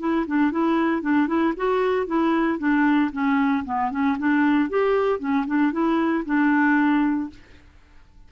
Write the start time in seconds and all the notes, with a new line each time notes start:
0.00 E4
0.27 D4
0.51 E4
1.02 D4
1.27 E4
1.57 F#4
2.07 E4
2.59 D4
3.12 C#4
3.65 B3
3.91 C#4
4.19 D4
4.70 G4
5.19 C#4
5.47 D4
5.72 E4
6.26 D4